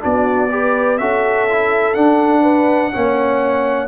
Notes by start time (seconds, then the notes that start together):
0.00 B3 D4 F#4 D5
0.50 G4 B4
0.98 C#4 F#4 A4 E5
1.49 E4
1.94 D4 F#5
2.42 B4
2.92 A#3 C#4 C#5